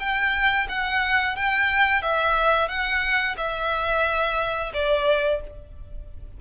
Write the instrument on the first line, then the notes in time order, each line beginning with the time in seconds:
violin
0.00 G5
0.69 F#5
1.36 G5
2.02 E5
2.68 F#5
3.37 E5
4.74 D5